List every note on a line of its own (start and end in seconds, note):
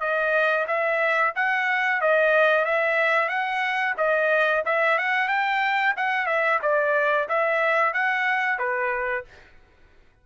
0.00 0.66 D#5
0.67 1.33 E5
1.35 2.00 F#5
2.00 2.65 D#5
2.65 3.28 E5
3.28 3.94 F#5
3.97 4.63 D#5
4.65 4.98 E5
4.98 5.28 F#5
5.28 5.94 G5
5.96 6.26 F#5
6.26 6.59 E5
6.62 7.28 D5
7.28 7.93 E5
7.93 8.58 F#5
8.58 9.24 B4